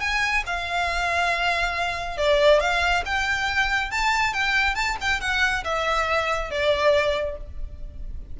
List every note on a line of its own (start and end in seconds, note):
0.00 0.43 G#5
0.46 2.17 F5
2.17 2.60 D5
2.60 3.03 F5
3.05 3.91 G5
3.91 4.33 A5
4.33 4.75 G5
4.75 4.96 A5
5.01 5.21 G5
5.21 5.64 F#5
5.64 6.50 E5
6.50 7.37 D5